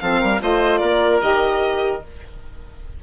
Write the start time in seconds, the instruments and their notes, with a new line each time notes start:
0.00 bassoon F3, saxophone C4, oboe A4, violin F5
0.20 bassoon G3, oboe A#4
0.40 bassoon A3, saxophone F4, oboe C5, violin D#5
0.78 bassoon A#3, oboe A#4, violin D5
1.21 bassoon D#3, saxophone G4, violin D#5